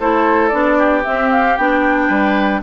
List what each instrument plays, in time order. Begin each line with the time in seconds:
0.00 bassoon A3, clarinet E4, oboe A4, flute C5
0.49 bassoon B3, clarinet D4, flute D5
0.78 oboe G4
1.04 clarinet C4, bassoon C4, flute E5
1.31 flute F5
1.57 bassoon B3, clarinet D4, flute G5
2.08 bassoon G3, oboe B4